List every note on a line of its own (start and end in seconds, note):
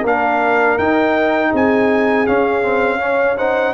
0.00 0.77 A#3
0.00 0.79 D4
0.00 1.48 A#4
0.06 0.78 F5
0.78 1.52 D#4
0.78 2.26 D#4
0.78 1.52 G5
1.49 2.27 C4
1.49 2.97 G#4
1.55 2.26 G#5
2.26 2.62 C#4
2.26 3.73 C#4
2.26 3.37 F5
2.62 2.98 C4
2.98 3.35 C#4
2.98 3.37 C#5
3.37 3.73 D#4
3.37 3.73 C5
3.37 3.73 F#5